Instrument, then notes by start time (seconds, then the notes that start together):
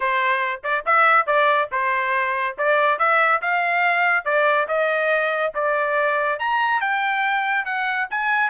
trumpet
0.00 C5
0.63 D5
0.85 E5
1.26 D5
1.71 C5
2.57 D5
2.98 E5
3.41 F5
4.24 D5
4.68 D#5
5.54 D5
6.39 A#5
6.80 G5
7.65 F#5
8.10 G#5